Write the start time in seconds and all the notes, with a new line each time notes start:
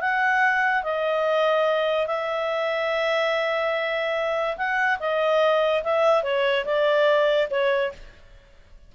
0.00 F#5
0.83 D#5
2.06 E5
4.57 F#5
4.99 D#5
5.83 E5
6.23 C#5
6.65 D5
7.50 C#5